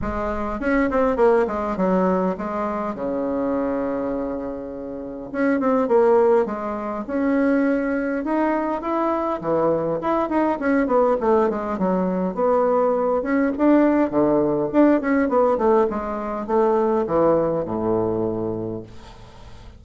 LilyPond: \new Staff \with { instrumentName = "bassoon" } { \time 4/4 \tempo 4 = 102 gis4 cis'8 c'8 ais8 gis8 fis4 | gis4 cis2.~ | cis4 cis'8 c'8 ais4 gis4 | cis'2 dis'4 e'4 |
e4 e'8 dis'8 cis'8 b8 a8 gis8 | fis4 b4. cis'8 d'4 | d4 d'8 cis'8 b8 a8 gis4 | a4 e4 a,2 | }